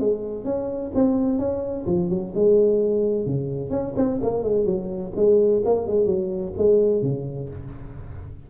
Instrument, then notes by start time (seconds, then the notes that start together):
tuba
0.00 G#3
0.45 C#4
0.95 C4
1.39 C#4
1.87 F3
2.10 F#3
2.35 G#3
3.26 C#3
3.71 C#4
3.97 C4
4.22 A#3
4.43 G#3
4.66 F#3
5.16 G#3
5.65 A#3
5.88 G#3
6.06 F#3
6.58 G#3
7.02 C#3